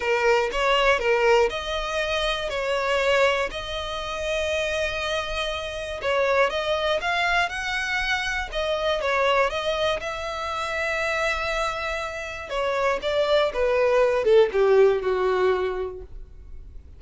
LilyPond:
\new Staff \with { instrumentName = "violin" } { \time 4/4 \tempo 4 = 120 ais'4 cis''4 ais'4 dis''4~ | dis''4 cis''2 dis''4~ | dis''1 | cis''4 dis''4 f''4 fis''4~ |
fis''4 dis''4 cis''4 dis''4 | e''1~ | e''4 cis''4 d''4 b'4~ | b'8 a'8 g'4 fis'2 | }